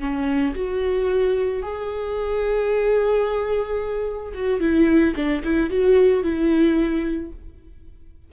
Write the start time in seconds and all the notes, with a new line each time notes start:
0.00 C#4
0.55 F#4
1.62 G#4
4.34 F#4
4.60 E4
5.16 D4
5.44 E4
5.70 F#4
6.23 E4